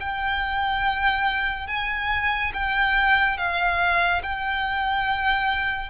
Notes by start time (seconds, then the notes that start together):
0.00 G5
1.67 G#5
2.54 G5
3.38 F5
4.23 G5